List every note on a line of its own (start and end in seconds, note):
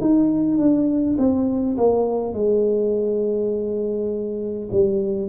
0.00 0.57 D#4
0.57 1.16 D4
1.18 1.76 C4
1.77 2.34 A#3
2.34 4.69 G#3
4.72 5.29 G3